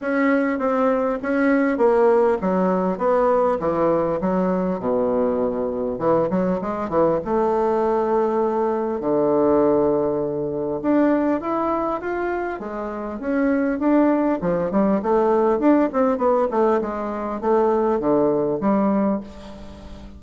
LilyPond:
\new Staff \with { instrumentName = "bassoon" } { \time 4/4 \tempo 4 = 100 cis'4 c'4 cis'4 ais4 | fis4 b4 e4 fis4 | b,2 e8 fis8 gis8 e8 | a2. d4~ |
d2 d'4 e'4 | f'4 gis4 cis'4 d'4 | f8 g8 a4 d'8 c'8 b8 a8 | gis4 a4 d4 g4 | }